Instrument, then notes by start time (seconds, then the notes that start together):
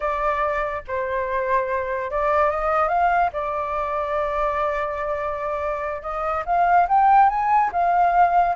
flute
0.00 D5
0.87 C5
2.11 D5
2.50 D#5
2.88 F5
3.32 D5
6.02 D#5
6.45 F5
6.88 G5
7.29 G#5
7.72 F5